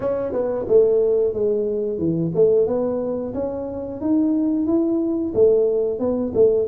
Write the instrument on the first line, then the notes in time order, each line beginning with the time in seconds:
tuba
0.00 C#4
0.32 B3
0.68 A3
1.33 G#3
1.98 E3
2.35 A3
2.66 B3
3.34 C#4
4.00 D#4
4.66 E4
5.34 A3
5.98 B3
6.34 A3